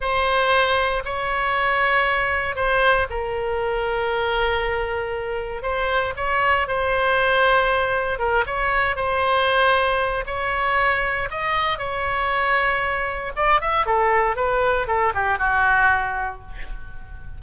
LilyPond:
\new Staff \with { instrumentName = "oboe" } { \time 4/4 \tempo 4 = 117 c''2 cis''2~ | cis''4 c''4 ais'2~ | ais'2. c''4 | cis''4 c''2. |
ais'8 cis''4 c''2~ c''8 | cis''2 dis''4 cis''4~ | cis''2 d''8 e''8 a'4 | b'4 a'8 g'8 fis'2 | }